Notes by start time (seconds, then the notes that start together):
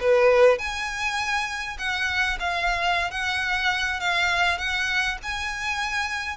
0.00 B4
0.58 G#5
1.78 F#5
2.39 F5
3.11 F#5
4.00 F5
4.58 F#5
5.23 G#5